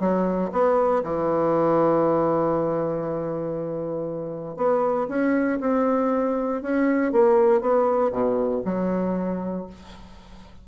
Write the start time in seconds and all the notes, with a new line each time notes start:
0.00 F#3
0.52 B3
1.03 E3
4.57 B3
5.09 C#4
5.60 C4
6.62 C#4
7.12 A#3
7.61 B3
8.12 B2
8.65 F#3